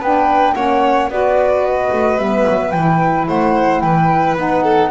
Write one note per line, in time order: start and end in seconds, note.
0.00 0.55 B3
0.00 0.56 D4
0.00 0.55 B4
0.00 0.55 G5
0.55 1.09 A#3
0.55 1.11 C#4
0.55 1.10 C#5
0.55 1.09 F#5
1.09 1.91 B3
1.09 2.19 F#4
1.09 3.28 B4
1.09 1.65 D5
1.65 2.20 D#5
1.93 2.18 A3
2.18 2.45 G3
2.18 2.74 B3
2.18 2.71 E5
2.49 2.74 F#3
2.71 3.28 E3
2.71 4.37 E4
2.71 3.26 G5
3.28 3.82 A3
3.28 3.83 C5
3.28 3.81 F#5
3.81 4.36 E3
3.81 4.63 B4
3.81 4.36 G5
4.36 4.91 B3
4.36 4.91 D#4
4.36 4.91 F#5
4.63 4.90 A4